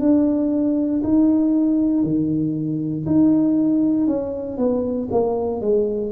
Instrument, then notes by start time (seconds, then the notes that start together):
tuba
0.00 D4
1.04 D#4
2.03 D#3
3.06 D#4
4.07 C#4
4.58 B3
5.11 A#3
5.61 G#3